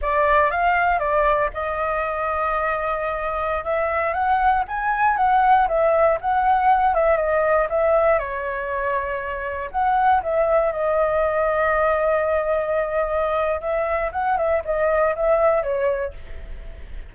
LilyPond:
\new Staff \with { instrumentName = "flute" } { \time 4/4 \tempo 4 = 119 d''4 f''4 d''4 dis''4~ | dis''2.~ dis''16 e''8.~ | e''16 fis''4 gis''4 fis''4 e''8.~ | e''16 fis''4. e''8 dis''4 e''8.~ |
e''16 cis''2. fis''8.~ | fis''16 e''4 dis''2~ dis''8.~ | dis''2. e''4 | fis''8 e''8 dis''4 e''4 cis''4 | }